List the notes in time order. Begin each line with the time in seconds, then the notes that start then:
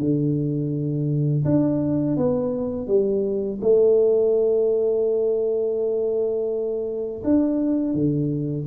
0.00 D3
1.45 D4
2.17 B3
2.88 G3
3.61 A3
7.24 D4
7.94 D3